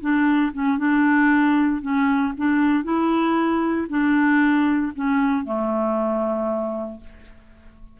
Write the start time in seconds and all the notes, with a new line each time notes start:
0.00 D4
0.53 C#4
0.78 D4
1.81 C#4
2.37 D4
2.84 E4
3.89 D4
4.95 C#4
5.45 A3